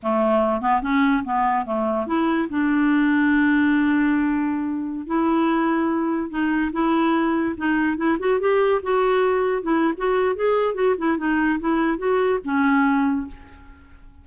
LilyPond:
\new Staff \with { instrumentName = "clarinet" } { \time 4/4 \tempo 4 = 145 a4. b8 cis'4 b4 | a4 e'4 d'2~ | d'1~ | d'16 e'2. dis'8.~ |
dis'16 e'2 dis'4 e'8 fis'16~ | fis'16 g'4 fis'2 e'8. | fis'4 gis'4 fis'8 e'8 dis'4 | e'4 fis'4 cis'2 | }